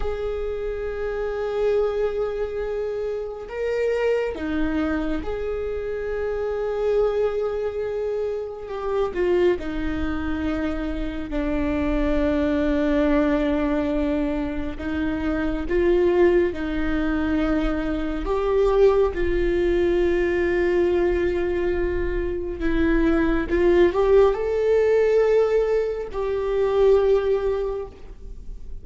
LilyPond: \new Staff \with { instrumentName = "viola" } { \time 4/4 \tempo 4 = 69 gis'1 | ais'4 dis'4 gis'2~ | gis'2 g'8 f'8 dis'4~ | dis'4 d'2.~ |
d'4 dis'4 f'4 dis'4~ | dis'4 g'4 f'2~ | f'2 e'4 f'8 g'8 | a'2 g'2 | }